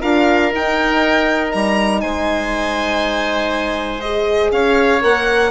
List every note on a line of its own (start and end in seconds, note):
0.00 0.52 D4
0.00 0.51 F4
0.00 2.00 A#4
0.00 0.51 F5
0.51 4.01 D#4
0.51 1.53 D#4
0.51 1.51 G5
1.51 2.03 G3
1.51 2.00 A#5
2.00 4.51 G#3
2.00 4.52 C5
2.00 4.00 G#5
4.00 5.01 G#4
4.00 4.50 D#5
4.51 5.01 C#4
4.51 5.51 C#5
4.51 5.02 F5
5.01 5.51 A#3
5.01 5.51 A#4
5.01 5.51 F#5